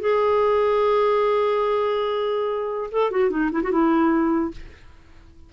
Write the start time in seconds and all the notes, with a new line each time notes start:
0.00 G#4
2.91 A4
3.11 F#4
3.30 D#4
3.51 E4
3.63 F#4
3.71 E4